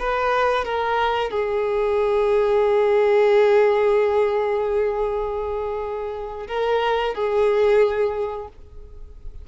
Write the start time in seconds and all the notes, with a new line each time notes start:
0.00 B4
0.65 A#4
1.31 G#4
6.48 A#4
7.15 G#4